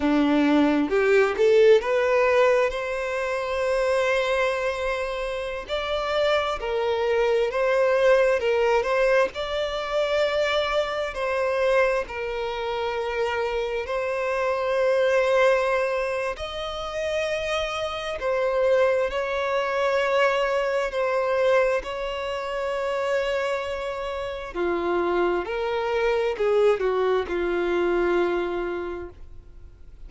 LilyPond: \new Staff \with { instrumentName = "violin" } { \time 4/4 \tempo 4 = 66 d'4 g'8 a'8 b'4 c''4~ | c''2~ c''16 d''4 ais'8.~ | ais'16 c''4 ais'8 c''8 d''4.~ d''16~ | d''16 c''4 ais'2 c''8.~ |
c''2 dis''2 | c''4 cis''2 c''4 | cis''2. f'4 | ais'4 gis'8 fis'8 f'2 | }